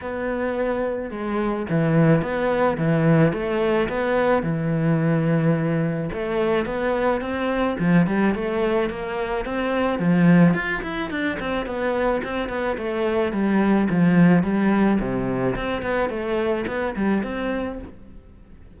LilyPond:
\new Staff \with { instrumentName = "cello" } { \time 4/4 \tempo 4 = 108 b2 gis4 e4 | b4 e4 a4 b4 | e2. a4 | b4 c'4 f8 g8 a4 |
ais4 c'4 f4 f'8 e'8 | d'8 c'8 b4 c'8 b8 a4 | g4 f4 g4 c4 | c'8 b8 a4 b8 g8 c'4 | }